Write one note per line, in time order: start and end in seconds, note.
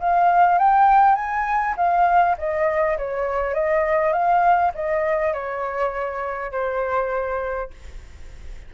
0.00 0.59 F5
0.59 1.16 G5
1.16 1.75 G#5
1.77 2.37 F5
2.38 2.98 D#5
2.98 3.54 C#5
3.54 4.13 D#5
4.13 4.73 F5
4.75 5.34 D#5
5.34 6.52 C#5
6.52 7.71 C5